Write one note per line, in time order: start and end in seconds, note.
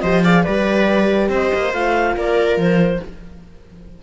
0.00 0.45 F3
0.00 0.24 G4
0.00 0.24 C5
0.00 0.21 D#5
0.22 0.45 G#4
0.22 0.43 D5
0.22 0.43 F5
0.43 1.28 G3
0.43 1.72 G4
0.43 1.28 B4
0.43 1.29 D5
1.28 1.50 C4
1.28 2.15 C5
1.28 1.72 D#5
1.54 1.73 A#3
1.72 2.16 A3
1.72 3.01 F4
1.72 2.15 F5
2.16 2.56 A#3
2.16 3.02 A#4
2.16 2.59 D5
2.56 2.99 F3
2.56 3.03 C5